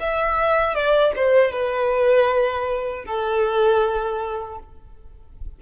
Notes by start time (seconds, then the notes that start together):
0.00 E5
0.74 D5
1.16 C5
1.52 B4
3.05 A4